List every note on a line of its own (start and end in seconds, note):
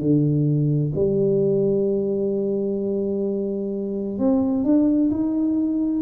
0.00 0.92 D3
0.95 4.18 G3
4.18 4.64 C4
4.64 5.10 D4
5.11 6.02 D#4